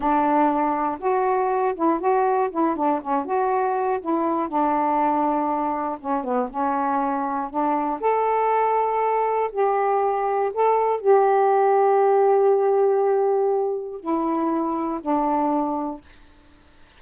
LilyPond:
\new Staff \with { instrumentName = "saxophone" } { \time 4/4 \tempo 4 = 120 d'2 fis'4. e'8 | fis'4 e'8 d'8 cis'8 fis'4. | e'4 d'2. | cis'8 b8 cis'2 d'4 |
a'2. g'4~ | g'4 a'4 g'2~ | g'1 | e'2 d'2 | }